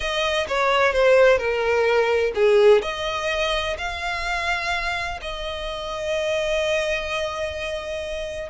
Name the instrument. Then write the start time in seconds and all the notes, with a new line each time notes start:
violin
0.00 D#5
0.47 C#5
0.92 C5
1.38 A#4
2.34 G#4
2.82 D#5
3.78 F5
5.21 D#5